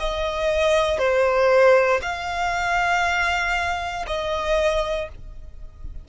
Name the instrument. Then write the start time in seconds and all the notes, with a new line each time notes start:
violin
0.00 D#5
0.99 C5
2.02 F5
4.07 D#5